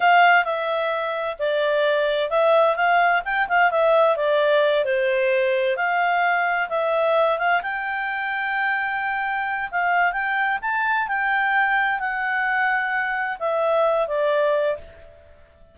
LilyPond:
\new Staff \with { instrumentName = "clarinet" } { \time 4/4 \tempo 4 = 130 f''4 e''2 d''4~ | d''4 e''4 f''4 g''8 f''8 | e''4 d''4. c''4.~ | c''8 f''2 e''4. |
f''8 g''2.~ g''8~ | g''4 f''4 g''4 a''4 | g''2 fis''2~ | fis''4 e''4. d''4. | }